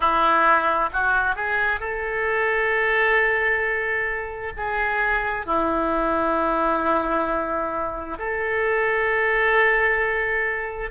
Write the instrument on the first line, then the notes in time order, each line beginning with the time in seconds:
oboe
0.00 E4
0.93 F#4
1.35 G#4
1.79 A4
4.56 G#4
5.45 E4
8.18 A4